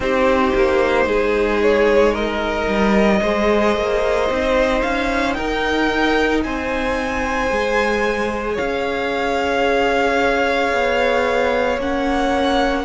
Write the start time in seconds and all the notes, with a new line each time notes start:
0.00 C4 D#4 G4 C5
0.55 A#3
1.05 G#3 G#4
1.61 C#5
2.12 A#4 D#5
2.67 G3
3.21 G#3 G#4 C5
3.76 A#3
4.27 C4 D#4
4.81 C#4 F5
5.33 D#4 A#4 G5
6.43 C4 C5 G#5
7.50 G#3 G#4
8.54 C#5 F5
8.60 C#4
10.72 B3
11.77 A#3 C#4 F#5